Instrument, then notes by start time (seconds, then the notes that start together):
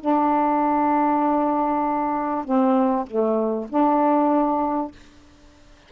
saxophone
0.00 D4
2.45 C4
3.06 A3
3.69 D4